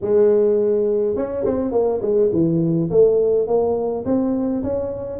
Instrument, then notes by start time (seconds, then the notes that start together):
tuba
0.01 G#3
1.15 C#4
1.45 C4
1.72 A#3
2.01 G#3
2.32 E3
2.90 A3
3.47 A#3
4.05 C4
4.63 C#4